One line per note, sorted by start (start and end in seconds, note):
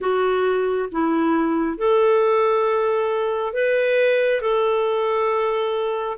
0.00 0.89 F#4
0.91 1.77 E4
1.77 3.53 A4
3.53 4.41 B4
4.41 6.18 A4